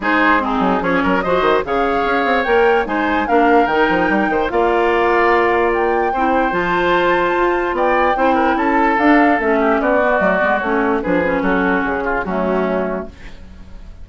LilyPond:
<<
  \new Staff \with { instrumentName = "flute" } { \time 4/4 \tempo 4 = 147 c''4 gis'4 cis''4 dis''4 | f''2 g''4 gis''4 | f''4 g''2 f''4~ | f''2 g''2 |
a''2. g''4~ | g''4 a''4 f''4 e''4 | d''2 cis''4 b'4 | a'4 gis'4 fis'2 | }
  \new Staff \with { instrumentName = "oboe" } { \time 4/4 gis'4 dis'4 gis'8 ais'8 c''4 | cis''2. c''4 | ais'2~ ais'8 c''8 d''4~ | d''2. c''4~ |
c''2. d''4 | c''8 ais'8 a'2~ a'8 g'8 | fis'2. gis'4 | fis'4. f'8 cis'2 | }
  \new Staff \with { instrumentName = "clarinet" } { \time 4/4 dis'4 c'4 cis'4 fis'4 | gis'2 ais'4 dis'4 | d'4 dis'2 f'4~ | f'2. e'4 |
f'1 | e'2 d'4 cis'4~ | cis'8 b8 a8 b8 cis'4 d'8 cis'8~ | cis'2 a2 | }
  \new Staff \with { instrumentName = "bassoon" } { \time 4/4 gis4. fis8 f8 fis8 f8 dis8 | cis4 cis'8 c'8 ais4 gis4 | ais4 dis8 f8 g8 dis8 ais4~ | ais2. c'4 |
f2 f'4 b4 | c'4 cis'4 d'4 a4 | b4 fis8 gis8 a4 f4 | fis4 cis4 fis2 | }
>>